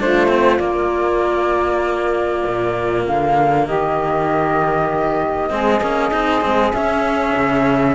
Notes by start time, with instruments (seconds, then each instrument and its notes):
0.00 cello A3 D4, saxophone F4, flute C5
0.28 cello C4
0.59 cello A#3, flute D5
2.46 cello A#2
3.06 cello D3, flute F5
3.67 cello D#3, saxophone G4, flute D#5
5.50 cello G#3 C4, saxophone G#4
5.81 cello A#3 C#4
6.11 cello C4 D#4
6.41 cello G#3 C4
6.73 cello C#4, flute E5
7.36 cello C#3